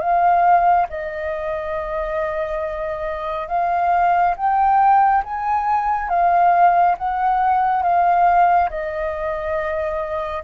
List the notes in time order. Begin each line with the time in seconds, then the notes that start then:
0.00 F5
0.90 D#5
3.48 F5
4.37 G5
5.24 G#5
6.09 F5
6.98 F#5
7.83 F5
8.70 D#5